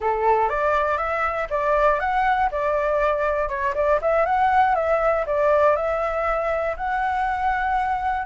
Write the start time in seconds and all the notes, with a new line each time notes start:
0.00 A4
0.49 D5
0.97 E5
1.50 D5
1.99 F#5
2.51 D5
3.49 C#5
3.75 D5
4.01 E5
4.25 F#5
4.75 E5
5.26 D5
5.75 E5
6.76 F#5